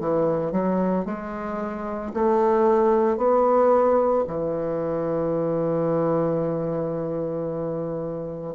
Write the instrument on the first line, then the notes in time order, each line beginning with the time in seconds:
bassoon
0.00 E3
0.52 F#3
1.05 G#3
2.14 A3
3.17 B3
4.27 E3